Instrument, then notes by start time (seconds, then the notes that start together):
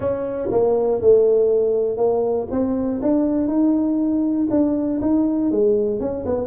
tuba
0.00 C#4
0.51 A#3
1.01 A3
1.97 A#3
2.50 C4
3.02 D4
3.47 D#4
4.50 D4
5.01 D#4
5.51 G#3
6.00 C#4
6.25 B3